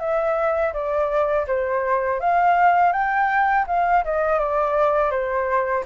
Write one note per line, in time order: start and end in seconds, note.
0.00 0.73 E5
0.74 1.47 D5
1.48 2.21 C5
2.21 2.93 F5
2.93 3.66 G5
3.68 4.04 F5
4.05 4.40 D#5
4.40 5.12 D5
5.12 5.85 C5